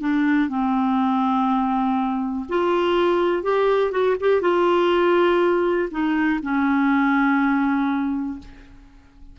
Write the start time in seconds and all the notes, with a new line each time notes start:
0.00 D4
0.48 C4
2.49 F4
3.42 G4
3.91 F#4
4.20 G4
4.41 F4
5.91 D#4
6.42 C#4